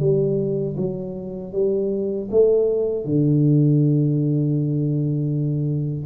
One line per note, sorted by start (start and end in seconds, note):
0.00 0.76 G3
0.77 1.53 F#3
1.53 2.29 G3
2.31 3.05 A3
3.05 6.06 D3